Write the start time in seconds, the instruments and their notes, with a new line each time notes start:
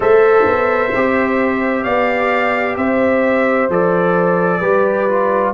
0.00 tuba A3, trombone A4, horn C5, trumpet E5
0.45 tuba B3
0.94 tuba C4, trombone G4
1.83 tuba B3, horn D5, trumpet F5
2.76 tuba C4, horn C5, trumpet E5
3.69 tuba F3, trombone A4, trumpet D5
4.60 tuba G3, trombone G4, horn B4
5.08 trombone F4